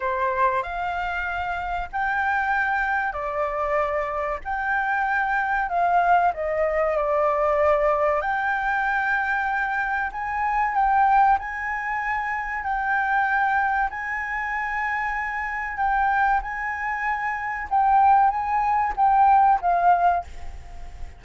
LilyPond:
\new Staff \with { instrumentName = "flute" } { \time 4/4 \tempo 4 = 95 c''4 f''2 g''4~ | g''4 d''2 g''4~ | g''4 f''4 dis''4 d''4~ | d''4 g''2. |
gis''4 g''4 gis''2 | g''2 gis''2~ | gis''4 g''4 gis''2 | g''4 gis''4 g''4 f''4 | }